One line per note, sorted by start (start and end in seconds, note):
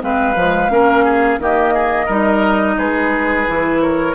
0.00 0.35 G#3
0.00 0.34 C4
0.00 0.72 B4
0.00 1.40 F5
0.35 0.70 F3
0.35 0.71 G#3
0.70 1.39 A#3
0.70 1.40 C#4
0.70 1.05 A#4
1.05 1.39 G#4
1.39 2.08 D#3
1.39 2.09 A#3
1.39 1.74 G4
1.39 2.78 D#5
1.74 2.06 G#4
2.06 2.77 G3
2.06 3.47 D#4
2.06 2.75 A#4
2.78 3.47 G#3
2.78 3.81 G#4
2.78 3.81 B4
3.47 4.15 E3
3.47 4.15 E4
3.81 4.15 A#4
3.81 4.15 C#5